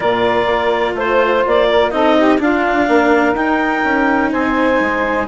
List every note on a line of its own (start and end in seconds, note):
0.00 0.46 A#2
0.00 1.91 F4
0.00 0.94 A#4
0.00 0.96 D5
0.46 0.94 A#3
0.94 1.42 A3
0.94 1.45 C5
0.94 1.68 C5
1.46 1.92 A#3
1.46 1.90 D5
1.68 1.92 A#4
1.90 2.39 C4
1.90 2.39 D#4
1.90 2.16 A4
1.90 2.38 D#5
2.16 2.40 G4
2.39 2.87 D4
2.39 3.35 D4
2.39 2.88 F4
2.39 3.35 F5
2.88 3.33 A#3
2.88 4.31 A#4
3.33 3.81 D#4
3.33 5.27 D#4
3.33 4.31 G5
3.84 4.32 C#4
4.31 4.80 C4
4.31 5.27 C5
4.31 5.27 G#5
4.80 5.27 G#3